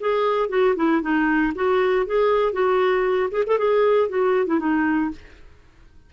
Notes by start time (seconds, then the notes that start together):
0.00 G#4
0.50 F#4
0.76 E4
1.02 D#4
1.55 F#4
2.07 G#4
2.53 F#4
3.31 G#4
3.47 A4
3.59 G#4
4.10 F#4
4.47 E4
4.60 D#4